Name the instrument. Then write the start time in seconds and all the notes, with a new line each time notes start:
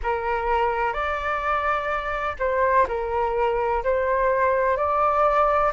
flute
0.03 A#4
0.93 D5
2.39 C5
2.87 A#4
3.83 C5
4.76 D5